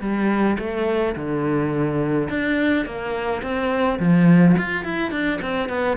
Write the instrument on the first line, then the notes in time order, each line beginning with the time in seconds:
cello
0.00 G3
0.58 A3
1.15 D3
2.29 D4
2.85 A#3
3.42 C4
3.99 F3
4.57 F4
4.84 E4
5.11 D4
5.41 C4
5.68 B3